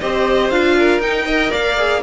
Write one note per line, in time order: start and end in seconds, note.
0.00 0.51 C4
0.00 0.51 G4
0.00 0.77 C5
0.00 0.50 D#5
0.50 0.99 D4
0.50 1.02 F4
0.50 1.01 F5
0.79 1.26 A#4
0.99 1.49 D#4
0.99 1.27 D#4
0.99 1.52 G5
1.26 1.78 A#4
1.26 1.51 D#5
1.51 2.03 A#3
1.51 2.01 D5
1.51 2.03 F5
1.78 2.03 G#4